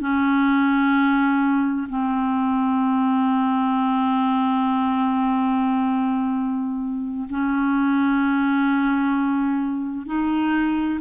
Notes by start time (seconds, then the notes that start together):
0.00 C#4
1.89 C4
7.30 C#4
10.06 D#4